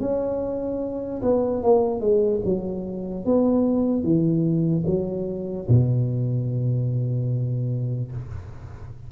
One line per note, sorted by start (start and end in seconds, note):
0.00 1.22 C#4
1.22 1.63 B3
1.63 2.00 A#3
2.00 2.41 G#3
2.45 3.25 F#3
3.25 4.03 B3
4.03 4.84 E3
4.86 5.67 F#3
5.68 8.11 B2